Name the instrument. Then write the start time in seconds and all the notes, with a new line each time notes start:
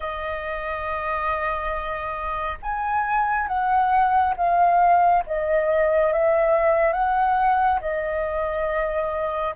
flute
0.00 D#5
2.62 G#5
3.47 F#5
4.36 F5
5.26 D#5
6.12 E5
6.92 F#5
7.81 D#5